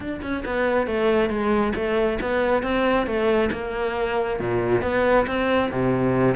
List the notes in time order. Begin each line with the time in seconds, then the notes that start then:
0.00 D4
0.21 C#4
0.45 B3
0.86 A3
1.29 G#3
1.75 A3
2.21 B3
2.62 C4
3.06 A3
3.52 A#3
4.39 A#2
4.82 B3
5.26 C4
5.71 C3